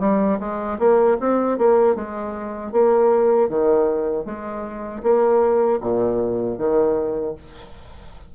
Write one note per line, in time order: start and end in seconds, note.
0.00 0.38 G3
0.40 0.78 G#3
0.79 1.17 A#3
1.20 1.58 C4
1.58 1.96 A#3
1.96 2.72 G#3
2.72 3.49 A#3
3.49 4.26 D#3
4.26 5.02 G#3
5.03 5.80 A#3
5.81 6.58 A#2
6.58 7.35 D#3